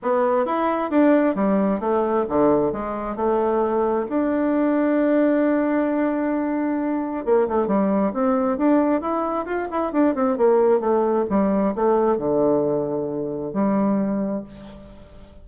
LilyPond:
\new Staff \with { instrumentName = "bassoon" } { \time 4/4 \tempo 4 = 133 b4 e'4 d'4 g4 | a4 d4 gis4 a4~ | a4 d'2.~ | d'1 |
ais8 a8 g4 c'4 d'4 | e'4 f'8 e'8 d'8 c'8 ais4 | a4 g4 a4 d4~ | d2 g2 | }